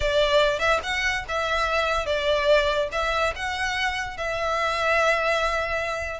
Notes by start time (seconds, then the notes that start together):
0.00 D5
0.59 E5
0.83 F#5
1.28 E5
2.06 D5
2.92 E5
3.35 F#5
4.17 E5